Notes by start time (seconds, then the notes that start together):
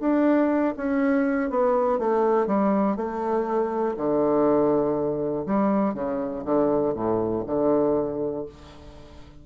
0.00 D4
0.77 C#4
1.50 B3
1.98 A3
2.47 G3
2.96 A3
3.97 D3
5.46 G3
5.94 C#3
6.45 D3
6.94 A2
7.46 D3